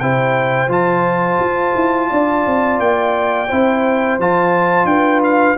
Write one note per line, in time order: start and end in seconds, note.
0.00 0.68 C3
0.00 0.68 E4
0.00 2.10 C5
0.00 0.70 G5
0.68 1.38 F3
0.68 3.48 F4
0.68 2.80 A5
1.39 1.74 F4
1.75 2.10 E4
2.10 2.46 D4
2.10 3.48 D5
2.46 2.79 C4
2.79 3.49 A#3
2.79 4.19 G5
3.48 4.18 C4
3.48 4.20 E4
3.48 4.87 C5
4.18 4.85 F3
4.18 5.57 F4
4.18 4.86 A5
4.85 5.55 D4
4.85 5.57 B4
4.85 5.21 G5
5.24 5.57 F5